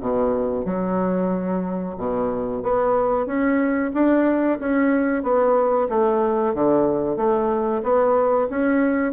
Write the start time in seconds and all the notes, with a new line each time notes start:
0.00 B2
0.65 F#3
1.97 B2
2.62 B3
3.26 C#4
3.94 D4
4.59 C#4
5.23 B3
5.89 A3
6.54 D3
7.17 A3
7.83 B3
8.50 C#4